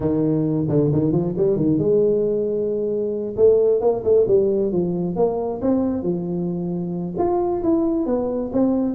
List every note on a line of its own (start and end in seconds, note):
0.00 0.66 D#3
0.68 0.91 D3
0.92 1.12 D#3
1.12 1.34 F3
1.37 1.56 G3
1.56 1.78 D#3
1.78 3.35 G#3
3.36 3.80 A3
3.80 4.03 A#3
4.04 4.26 A3
4.27 4.71 G3
4.71 5.16 F3
5.16 5.60 A#3
5.61 6.02 C4
6.02 7.14 F3
7.18 7.62 F4
7.63 8.06 E4
8.06 8.51 B3
8.52 8.95 C4